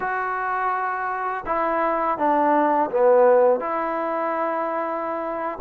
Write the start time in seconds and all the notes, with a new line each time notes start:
0.00 F#4
1.46 E4
2.18 D4
2.90 B3
3.60 E4